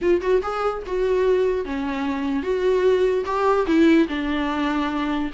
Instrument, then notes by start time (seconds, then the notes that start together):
viola
0.01 F4
0.21 F#4
0.42 G#4
0.86 F#4
1.65 C#4
2.42 F#4
3.25 G4
3.66 E4
4.08 D4